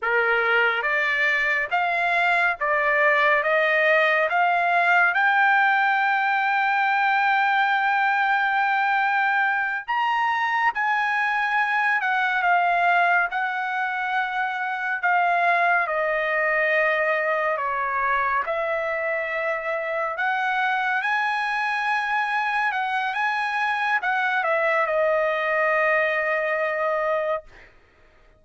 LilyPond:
\new Staff \with { instrumentName = "trumpet" } { \time 4/4 \tempo 4 = 70 ais'4 d''4 f''4 d''4 | dis''4 f''4 g''2~ | g''2.~ g''8 ais''8~ | ais''8 gis''4. fis''8 f''4 fis''8~ |
fis''4. f''4 dis''4.~ | dis''8 cis''4 e''2 fis''8~ | fis''8 gis''2 fis''8 gis''4 | fis''8 e''8 dis''2. | }